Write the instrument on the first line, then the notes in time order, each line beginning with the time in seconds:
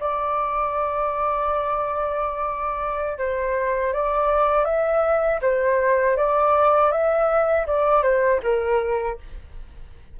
flute
0.00 D5
3.18 C5
3.93 D5
4.65 E5
5.42 C5
6.17 D5
6.91 E5
7.67 D5
8.03 C5
8.43 A#4